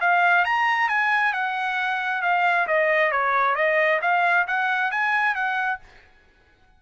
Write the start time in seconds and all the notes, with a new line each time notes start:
0.00 F5
0.45 A#5
0.89 G#5
1.33 F#5
2.22 F5
2.67 D#5
3.11 C#5
3.55 D#5
4.01 F5
4.47 F#5
4.91 G#5
5.34 F#5